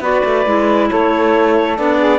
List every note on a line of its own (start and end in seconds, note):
0.00 0.22 B3
0.00 0.45 F#4
0.00 0.89 B4
0.00 0.90 D5
0.25 0.46 A3
0.45 0.90 G#3
0.45 1.77 E4
0.90 1.78 A3
0.90 1.98 A4
0.90 1.77 C#5
1.77 2.19 B3
1.77 2.19 D4
1.77 2.19 D5
1.98 2.19 G#4